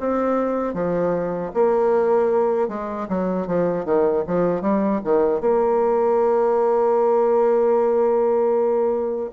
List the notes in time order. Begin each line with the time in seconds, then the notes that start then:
0.00 C4
0.74 F3
1.54 A#3
2.69 G#3
3.09 F#3
3.47 F3
3.85 D#3
4.28 F3
4.62 G3
5.04 D#3
5.41 A#3